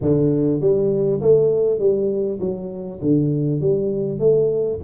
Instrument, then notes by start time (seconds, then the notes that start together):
tuba
0.01 D3
0.61 G3
1.21 A3
1.79 G3
2.40 F#3
3.01 D3
3.60 G3
4.19 A3